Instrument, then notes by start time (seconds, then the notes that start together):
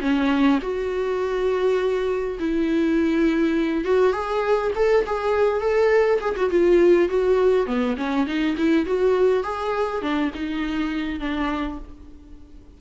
viola
0.00 C#4
0.61 F#4
2.39 E4
3.84 F#4
4.12 G#4
4.75 A4
5.06 G#4
5.60 A4
6.20 G#4
6.36 F#4
6.50 F4
7.09 F#4
7.66 B3
7.97 C#4
8.26 D#4
8.57 E4
8.85 F#4
9.43 G#4
10.01 D4
10.34 D#4
11.20 D4